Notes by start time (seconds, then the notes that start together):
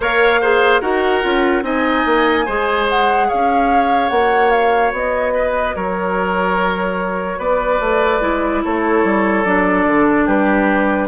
0.00 A#3 A#4 C#5 F5
0.41 G#4 C5
0.80 D#4 F#4 A#4 F#5
1.22 C#4 F4
1.62 C4 D#4 D#5 G#5
2.05 A#3
2.45 G#3 G#4 C5
2.89 F#5
3.28 C#4 C#5 F5
4.09 A#3 F#4 F#5
4.50 F5
4.92 B3 D#5
5.34 B4
5.75 F#3 A#4 C#5
7.38 B3 B4 D5
7.80 A3
8.20 G#3 E4
8.64 A3 A4 C#5
9.04 G3
9.44 F#3 D4 D5
9.87 D3
10.25 G3 G4 B4